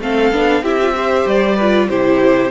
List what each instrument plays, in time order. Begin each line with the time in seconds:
0.00 cello A3, viola C4, violin A4 F5
0.32 cello B3, viola D4
0.62 cello C4, viola E4, violin G4 E5
0.82 viola F4
0.95 viola G4, violin C5
1.26 cello G3, violin D5
1.56 viola F4, violin B4
1.89 cello C3, viola E4, violin G4 C5